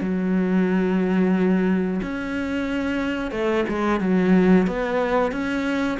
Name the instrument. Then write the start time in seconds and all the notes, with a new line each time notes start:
cello
0.00 F#3
2.02 C#4
3.31 A3
3.68 G#3
4.00 F#3
4.67 B3
5.31 C#4